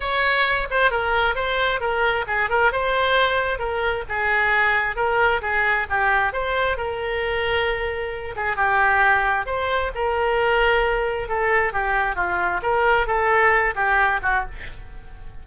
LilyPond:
\new Staff \with { instrumentName = "oboe" } { \time 4/4 \tempo 4 = 133 cis''4. c''8 ais'4 c''4 | ais'4 gis'8 ais'8 c''2 | ais'4 gis'2 ais'4 | gis'4 g'4 c''4 ais'4~ |
ais'2~ ais'8 gis'8 g'4~ | g'4 c''4 ais'2~ | ais'4 a'4 g'4 f'4 | ais'4 a'4. g'4 fis'8 | }